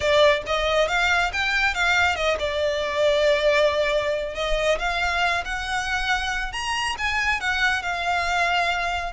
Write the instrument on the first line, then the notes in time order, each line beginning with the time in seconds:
violin
0.00 D5
0.46 D#5
0.88 F5
1.32 G5
1.74 F5
2.15 D#5
2.39 D5
4.35 D#5
4.78 F5
5.44 F#5
6.52 A#5
6.98 G#5
7.40 F#5
7.82 F5